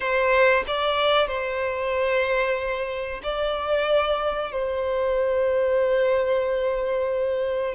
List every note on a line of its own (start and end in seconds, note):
0.00 0.63 C5
0.67 1.27 D5
1.27 3.21 C5
3.23 4.52 D5
4.52 7.74 C5